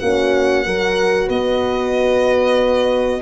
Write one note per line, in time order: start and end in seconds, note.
0.00 0.66 A#3
0.00 0.66 C#4
0.00 0.66 F#4
0.00 1.29 F#5
0.66 1.30 F#3
0.66 3.22 F#4
0.66 1.27 A#4
1.27 3.22 B3
1.27 3.21 B4
1.27 3.22 D#5